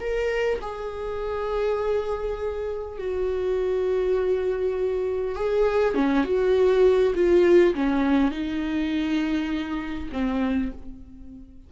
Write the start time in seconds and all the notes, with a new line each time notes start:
0.00 A#4
0.62 G#4
2.98 F#4
5.35 G#4
5.95 C#4
6.24 F#4
7.15 F4
7.75 C#4
8.31 D#4
10.12 C4